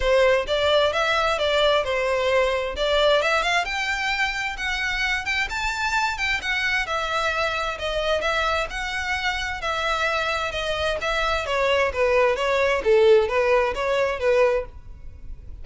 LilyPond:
\new Staff \with { instrumentName = "violin" } { \time 4/4 \tempo 4 = 131 c''4 d''4 e''4 d''4 | c''2 d''4 e''8 f''8 | g''2 fis''4. g''8 | a''4. g''8 fis''4 e''4~ |
e''4 dis''4 e''4 fis''4~ | fis''4 e''2 dis''4 | e''4 cis''4 b'4 cis''4 | a'4 b'4 cis''4 b'4 | }